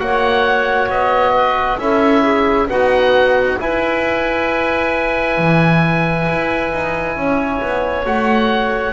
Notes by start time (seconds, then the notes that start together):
0.00 A#3 F#4 C#5 F#5
0.89 B3 D#5
1.34 B4
1.79 C#4 E4 A4 E5
2.22 G#4
2.67 B3 D#4 F#4 F#5
3.59 E4 B4 G#5
5.38 E3
6.29 E4
6.73 D#4
7.17 C#4 C#5
7.62 B3
8.05 A3 F#4 F#5